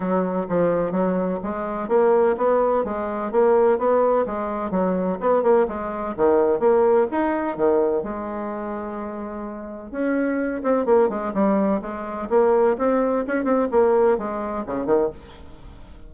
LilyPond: \new Staff \with { instrumentName = "bassoon" } { \time 4/4 \tempo 4 = 127 fis4 f4 fis4 gis4 | ais4 b4 gis4 ais4 | b4 gis4 fis4 b8 ais8 | gis4 dis4 ais4 dis'4 |
dis4 gis2.~ | gis4 cis'4. c'8 ais8 gis8 | g4 gis4 ais4 c'4 | cis'8 c'8 ais4 gis4 cis8 dis8 | }